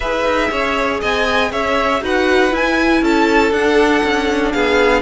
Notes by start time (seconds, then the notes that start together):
0.00 E4 G#4 B4 E5
0.25 D#4
0.51 C#4 C#5
1.00 C4 D#5 G#5
1.51 C#4 C#5 E5
2.01 D#4 F#4 B4 F#5
2.51 E4 G#5
3.01 C#4 A4 A5
3.51 D4 F#5
4.03 C#4
4.51 B3 G#4 F5